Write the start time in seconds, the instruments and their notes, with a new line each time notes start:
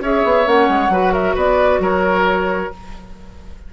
0.00 bassoon C#4, clarinet G#4, oboe C#5, flute E5
0.24 bassoon B3
0.45 bassoon A#3, clarinet C#4, flute F#5
0.68 bassoon G#3
0.89 bassoon F#3, clarinet F#4, oboe B4
1.13 oboe A#4, flute E5
1.34 bassoon B3, oboe B4, flute D5
1.79 bassoon F#3, oboe A#4, flute C#5